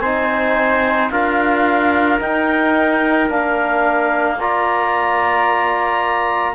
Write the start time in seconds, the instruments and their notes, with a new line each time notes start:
0.00 cello C4, trombone D#4, trumpet C5, clarinet G#5
1.11 cello D4, trombone F4, trumpet A#4, clarinet F5
2.19 trombone D#4, cello D#4, clarinet G5
3.28 cello A#3, trombone D4, clarinet F5
4.40 trombone F4, trumpet D5, clarinet A#5